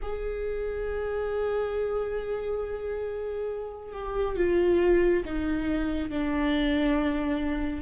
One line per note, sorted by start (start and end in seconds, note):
0.02 3.92 G#4
3.92 4.36 G4
4.36 5.23 F4
5.25 6.09 D#4
6.09 7.81 D4